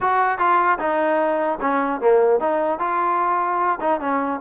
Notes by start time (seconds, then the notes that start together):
0.00 F#4
0.38 F4
0.78 D#4
1.60 C#4
2.00 A#3
2.40 D#4
2.79 F4
3.80 D#4
4.00 C#4